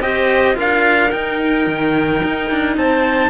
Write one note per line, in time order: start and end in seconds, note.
0.00 0.55 C4
0.00 0.54 G4
0.00 0.56 C5
0.00 0.57 D#5
0.54 1.13 D4
0.54 1.09 F4
0.54 2.78 A#4
0.54 1.11 F5
1.11 3.30 D#4
1.11 1.67 D#4
1.11 2.76 G5
1.67 2.22 D#3
2.24 2.51 D#4
2.51 2.77 D4
2.77 3.30 C4
2.77 3.30 C5
2.77 3.30 A5